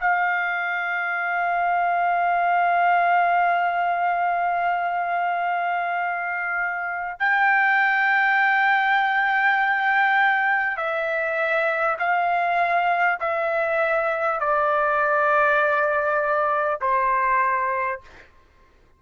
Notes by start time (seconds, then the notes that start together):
0.00 F5
7.19 G5
10.77 E5
11.99 F5
13.20 E5
14.40 D5
16.81 C5